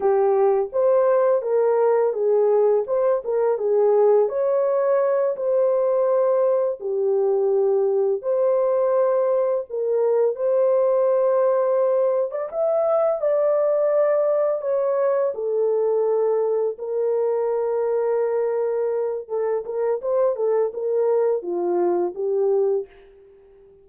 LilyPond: \new Staff \with { instrumentName = "horn" } { \time 4/4 \tempo 4 = 84 g'4 c''4 ais'4 gis'4 | c''8 ais'8 gis'4 cis''4. c''8~ | c''4. g'2 c''8~ | c''4. ais'4 c''4.~ |
c''4~ c''16 d''16 e''4 d''4.~ | d''8 cis''4 a'2 ais'8~ | ais'2. a'8 ais'8 | c''8 a'8 ais'4 f'4 g'4 | }